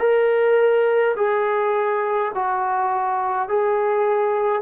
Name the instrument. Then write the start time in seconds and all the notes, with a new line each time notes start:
trombone
0.00 A#4
1.16 G#4
2.35 F#4
3.49 G#4